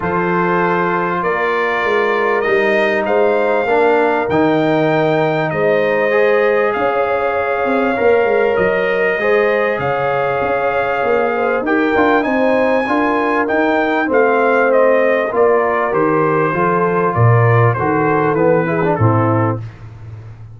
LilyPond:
<<
  \new Staff \with { instrumentName = "trumpet" } { \time 4/4 \tempo 4 = 98 c''2 d''2 | dis''4 f''2 g''4~ | g''4 dis''2 f''4~ | f''2 dis''2 |
f''2. g''4 | gis''2 g''4 f''4 | dis''4 d''4 c''2 | d''4 c''4 b'4 a'4 | }
  \new Staff \with { instrumentName = "horn" } { \time 4/4 a'2 ais'2~ | ais'4 c''4 ais'2~ | ais'4 c''2 cis''4~ | cis''2. c''4 |
cis''2~ cis''8 c''8 ais'4 | c''4 ais'2 c''4~ | c''4 ais'2 a'4 | ais'4 a'4. gis'8 e'4 | }
  \new Staff \with { instrumentName = "trombone" } { \time 4/4 f'1 | dis'2 d'4 dis'4~ | dis'2 gis'2~ | gis'4 ais'2 gis'4~ |
gis'2. g'8 f'8 | dis'4 f'4 dis'4 c'4~ | c'4 f'4 g'4 f'4~ | f'4 fis'4 b8 e'16 d'16 c'4 | }
  \new Staff \with { instrumentName = "tuba" } { \time 4/4 f2 ais4 gis4 | g4 gis4 ais4 dis4~ | dis4 gis2 cis'4~ | cis'8 c'8 ais8 gis8 fis4 gis4 |
cis4 cis'4 ais4 dis'8 d'8 | c'4 d'4 dis'4 a4~ | a4 ais4 dis4 f4 | ais,4 dis4 e4 a,4 | }
>>